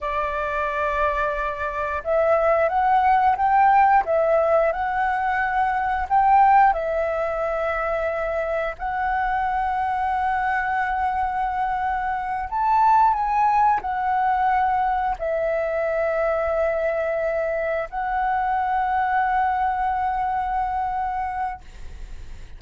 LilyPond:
\new Staff \with { instrumentName = "flute" } { \time 4/4 \tempo 4 = 89 d''2. e''4 | fis''4 g''4 e''4 fis''4~ | fis''4 g''4 e''2~ | e''4 fis''2.~ |
fis''2~ fis''8 a''4 gis''8~ | gis''8 fis''2 e''4.~ | e''2~ e''8 fis''4.~ | fis''1 | }